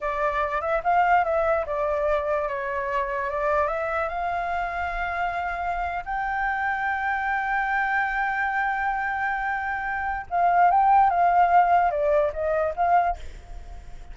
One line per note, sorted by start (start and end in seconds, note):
0.01 0.61 D5
0.61 0.81 E5
0.83 1.24 F5
1.24 1.65 E5
1.66 2.48 D5
2.48 3.30 C#5
3.30 3.67 D5
3.67 4.08 E5
4.09 6.04 F5
6.05 10.26 G5
10.29 10.70 F5
10.70 11.10 G5
11.10 11.91 F5
11.91 12.32 D5
12.33 12.74 D#5
12.75 13.17 F5